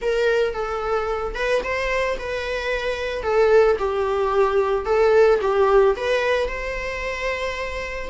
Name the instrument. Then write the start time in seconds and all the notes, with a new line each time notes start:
viola
0.01 A#4
0.53 A4
1.34 B4
1.63 C5
2.18 B4
3.22 A4
3.78 G4
4.85 A4
5.41 G4
5.96 B4
6.47 C5